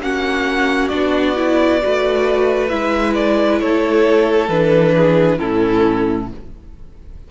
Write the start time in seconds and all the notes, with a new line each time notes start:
0.00 A#3 C#4 F#4 F#5
0.88 B3 D4 D5
1.35 E4
1.82 A3 F#4 B4
2.68 G#3 E4 E5
3.14 D5
3.59 A3 A4 C#5
4.48 E3 D4 B4
4.96 G#4
5.38 A2 C#4 E4 A4